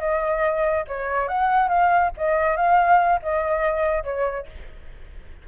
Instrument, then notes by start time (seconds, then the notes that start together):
flute
0.00 D#5
0.88 C#5
1.28 F#5
1.69 F5
2.18 D#5
2.56 F5
3.23 D#5
4.04 C#5